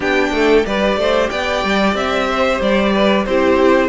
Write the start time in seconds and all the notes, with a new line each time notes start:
0.00 B3 D4 G4 G5
0.31 A3 A4
0.65 G3 G4 B4 D5
0.96 A3 C5
1.29 B3 D5 G5
1.63 G3
1.94 C4 E5
2.30 C5
2.60 G3 D5
2.93 B4
3.25 C4 E4 G4 C5